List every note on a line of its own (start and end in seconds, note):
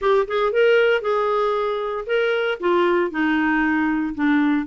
0.01 0.27 G4
0.27 0.52 G#4
0.52 1.01 A#4
1.01 2.05 G#4
2.06 2.58 A#4
2.60 3.11 F4
3.11 4.14 D#4
4.14 4.66 D4